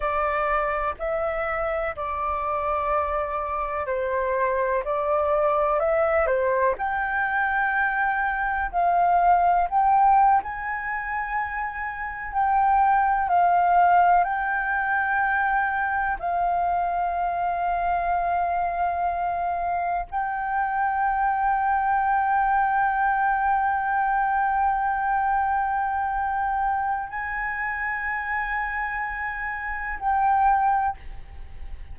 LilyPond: \new Staff \with { instrumentName = "flute" } { \time 4/4 \tempo 4 = 62 d''4 e''4 d''2 | c''4 d''4 e''8 c''8 g''4~ | g''4 f''4 g''8. gis''4~ gis''16~ | gis''8. g''4 f''4 g''4~ g''16~ |
g''8. f''2.~ f''16~ | f''8. g''2.~ g''16~ | g''1 | gis''2. g''4 | }